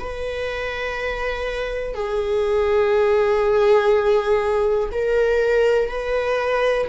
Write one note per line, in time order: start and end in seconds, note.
0.00 1.94 B4
1.94 4.90 G#4
4.92 5.89 A#4
5.89 6.87 B4